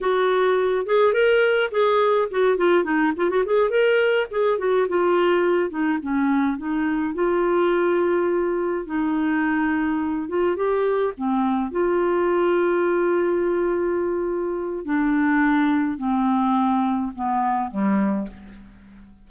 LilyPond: \new Staff \with { instrumentName = "clarinet" } { \time 4/4 \tempo 4 = 105 fis'4. gis'8 ais'4 gis'4 | fis'8 f'8 dis'8 f'16 fis'16 gis'8 ais'4 gis'8 | fis'8 f'4. dis'8 cis'4 dis'8~ | dis'8 f'2. dis'8~ |
dis'2 f'8 g'4 c'8~ | c'8 f'2.~ f'8~ | f'2 d'2 | c'2 b4 g4 | }